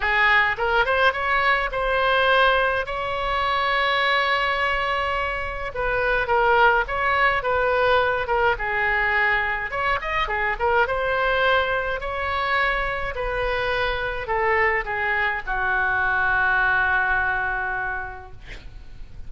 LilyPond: \new Staff \with { instrumentName = "oboe" } { \time 4/4 \tempo 4 = 105 gis'4 ais'8 c''8 cis''4 c''4~ | c''4 cis''2.~ | cis''2 b'4 ais'4 | cis''4 b'4. ais'8 gis'4~ |
gis'4 cis''8 dis''8 gis'8 ais'8 c''4~ | c''4 cis''2 b'4~ | b'4 a'4 gis'4 fis'4~ | fis'1 | }